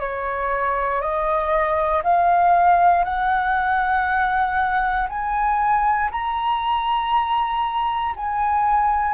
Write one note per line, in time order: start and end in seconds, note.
0.00 1.01 C#5
1.01 2.02 D#5
2.03 3.04 F5
3.04 5.08 F#5
5.09 6.11 G#5
6.12 8.15 A#5
8.16 9.14 G#5